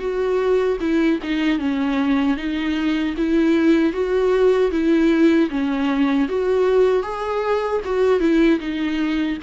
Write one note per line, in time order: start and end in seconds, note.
0.00 0.78 F#4
0.81 1.20 E4
1.23 1.59 D#4
1.59 2.37 C#4
2.37 3.15 D#4
3.18 3.93 E4
3.93 4.71 F#4
4.72 5.50 E4
5.50 6.28 C#4
6.29 7.03 F#4
7.03 7.81 G#4
7.85 8.21 F#4
8.21 8.60 E4
8.60 9.38 D#4